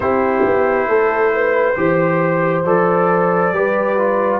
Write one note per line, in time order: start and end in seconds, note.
0.00 0.44 C4
0.00 1.74 E4
0.00 0.88 G4
0.00 2.63 C5
0.45 0.87 B3
0.87 1.76 A3
0.87 1.32 A4
1.34 1.78 B4
1.75 2.64 E3
1.75 2.64 G4
1.75 3.54 C5
2.64 3.52 F3
2.64 3.53 A4
2.64 4.39 D5
3.52 4.39 G3
3.52 3.98 G4
3.52 4.39 B4
3.98 4.39 F4